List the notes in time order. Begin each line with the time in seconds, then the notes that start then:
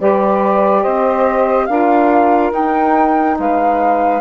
0.00 G3 G4 B4 D5
0.82 C4 C5 D#5
1.66 D4 F4 A#4 F5
2.52 D#4 G5
3.39 G#3 B4 F5